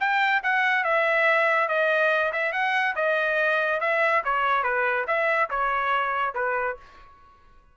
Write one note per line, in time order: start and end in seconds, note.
0.00 0.42 G5
0.43 0.84 F#5
0.84 1.69 E5
1.69 2.32 D#5
2.33 2.53 E5
2.53 2.95 F#5
2.96 3.80 D#5
3.81 4.23 E5
4.25 4.63 C#5
4.63 5.06 B4
5.07 5.49 E5
5.50 6.35 C#5
6.35 6.77 B4